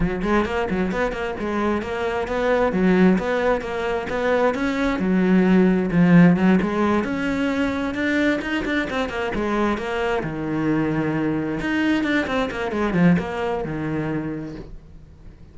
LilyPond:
\new Staff \with { instrumentName = "cello" } { \time 4/4 \tempo 4 = 132 fis8 gis8 ais8 fis8 b8 ais8 gis4 | ais4 b4 fis4 b4 | ais4 b4 cis'4 fis4~ | fis4 f4 fis8 gis4 cis'8~ |
cis'4. d'4 dis'8 d'8 c'8 | ais8 gis4 ais4 dis4.~ | dis4. dis'4 d'8 c'8 ais8 | gis8 f8 ais4 dis2 | }